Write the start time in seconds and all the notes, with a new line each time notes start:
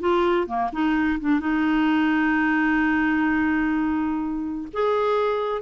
0.00 F4
0.47 A#3
0.72 D#4
1.20 D4
1.40 D#4
4.73 G#4